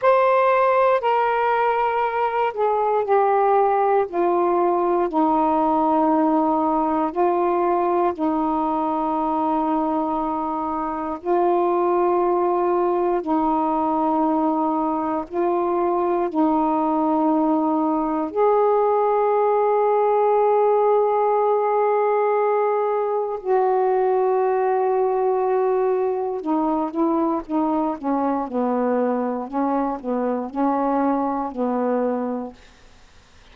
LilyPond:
\new Staff \with { instrumentName = "saxophone" } { \time 4/4 \tempo 4 = 59 c''4 ais'4. gis'8 g'4 | f'4 dis'2 f'4 | dis'2. f'4~ | f'4 dis'2 f'4 |
dis'2 gis'2~ | gis'2. fis'4~ | fis'2 dis'8 e'8 dis'8 cis'8 | b4 cis'8 b8 cis'4 b4 | }